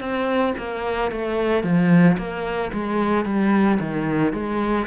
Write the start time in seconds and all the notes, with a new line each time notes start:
0.00 C4
0.57 A#3
1.11 A3
1.63 F3
2.18 A#3
2.73 G#3
3.25 G3
3.79 D#3
4.33 G#3